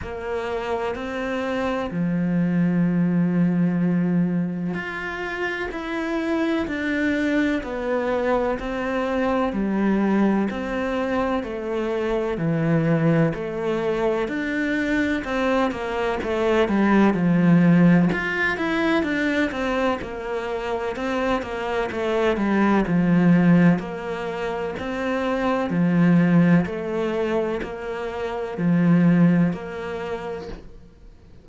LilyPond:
\new Staff \with { instrumentName = "cello" } { \time 4/4 \tempo 4 = 63 ais4 c'4 f2~ | f4 f'4 e'4 d'4 | b4 c'4 g4 c'4 | a4 e4 a4 d'4 |
c'8 ais8 a8 g8 f4 f'8 e'8 | d'8 c'8 ais4 c'8 ais8 a8 g8 | f4 ais4 c'4 f4 | a4 ais4 f4 ais4 | }